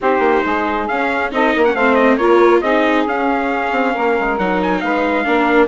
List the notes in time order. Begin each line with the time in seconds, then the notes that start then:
0.00 C4 D#4 G4 C5
0.19 A#3
0.44 G#3 G#4
0.87 C#4 F5
1.31 C4 D#4 A4 D#5
1.54 A#3 A#4
1.64 C#4 F#5
1.74 A3 C4 C5 F5
1.94 D#5
2.17 A#3 F4 A#4 C#5
2.61 C4 D#4 G#4 D#5
3.07 C#4 F5
3.71 C4
3.93 A#3 A#4
4.19 G#3
4.38 F#3 D#4 F#5
4.62 G#5
4.80 G#3 B4 F5
5.24 A#3 D4 A#4